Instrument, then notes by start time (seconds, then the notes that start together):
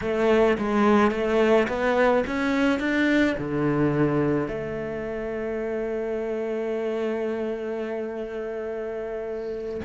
cello
0.01 A3
0.58 G#3
1.11 A3
1.68 B3
2.27 C#4
2.79 D4
3.38 D3
4.48 A3